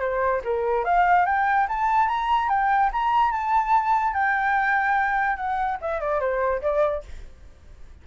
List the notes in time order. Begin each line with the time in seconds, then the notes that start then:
0.00 C5
0.44 A#4
0.84 F5
1.25 G5
1.68 A5
2.07 A#5
2.49 G5
2.92 A#5
3.31 A5
4.13 G5
5.36 F#5
5.81 E5
6.00 D5
6.20 C5
6.61 D5